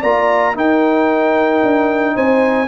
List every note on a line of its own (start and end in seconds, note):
0.00 0.55 A#3
0.00 0.54 F4
0.00 0.53 D5
0.00 0.56 A#5
0.54 2.67 D#4
0.54 1.62 D#4
0.54 2.15 A#4
0.54 2.17 G5
1.63 2.16 D4
2.15 2.68 C4
2.15 2.68 C5
2.15 2.68 G#5